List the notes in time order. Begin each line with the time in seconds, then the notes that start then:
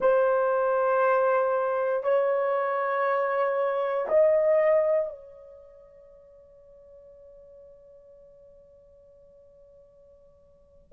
0.00 C5
2.03 C#5
4.08 D#5
5.09 C#5